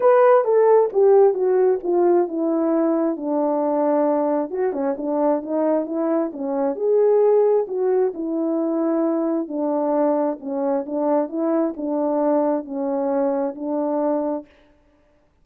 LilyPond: \new Staff \with { instrumentName = "horn" } { \time 4/4 \tempo 4 = 133 b'4 a'4 g'4 fis'4 | f'4 e'2 d'4~ | d'2 fis'8 cis'8 d'4 | dis'4 e'4 cis'4 gis'4~ |
gis'4 fis'4 e'2~ | e'4 d'2 cis'4 | d'4 e'4 d'2 | cis'2 d'2 | }